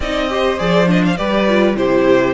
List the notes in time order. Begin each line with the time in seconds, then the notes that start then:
0.00 C4 D#4 D5 D#5
0.29 G4 C5
0.58 F3 G#4 D5
0.87 D4 D#5
1.05 F5
1.16 G3 G4 B4 D5
1.48 F4
1.75 C3 E4 G4 C5